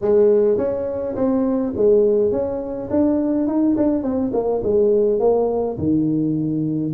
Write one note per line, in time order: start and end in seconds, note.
0.01 0.57 G#3
0.57 1.15 C#4
1.15 1.73 C4
1.76 2.31 G#3
2.31 2.89 C#4
2.90 3.47 D4
3.47 3.76 D#4
3.76 4.02 D4
4.02 4.31 C4
4.33 4.62 A#3
4.63 5.19 G#3
5.19 5.77 A#3
5.77 6.93 D#3